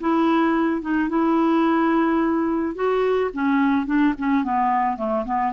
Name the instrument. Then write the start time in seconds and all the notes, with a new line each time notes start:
clarinet
0.00 E4
0.81 D#4
1.09 E4
2.74 F#4
3.33 C#4
3.86 D4
4.18 C#4
4.43 B3
4.97 A3
5.25 B3